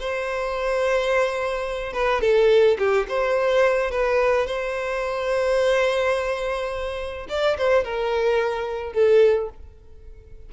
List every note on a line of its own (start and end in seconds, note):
0.00 1.93 C5
1.93 2.21 B4
2.21 2.77 A4
2.78 3.06 G4
3.08 3.91 C5
3.91 4.47 B4
4.47 7.27 C5
7.29 7.57 D5
7.58 7.84 C5
7.84 8.93 A#4
8.93 9.49 A4